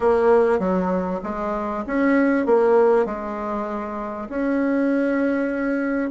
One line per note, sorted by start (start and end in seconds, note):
0.00 0.59 A#3
0.59 1.20 F#3
1.23 1.84 G#3
1.86 2.45 C#4
2.45 3.05 A#3
3.05 4.28 G#3
4.29 6.10 C#4